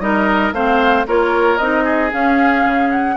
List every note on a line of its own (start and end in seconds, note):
0.00 0.52 G3
0.00 0.53 D#4
0.00 0.54 A#4
0.00 0.53 D#5
0.52 1.05 A3
0.52 1.07 C4
0.52 1.07 C5
0.52 1.06 F5
1.07 1.59 A#3
1.07 1.60 F4
1.07 1.84 A#4
1.07 1.58 C#5
1.58 2.12 C4
1.58 2.11 D#4
1.58 2.10 D#5
1.84 3.16 G#4
2.11 3.16 C#4
2.11 2.65 C#4
2.11 2.91 F5
2.65 3.17 C#3
2.91 3.17 F#5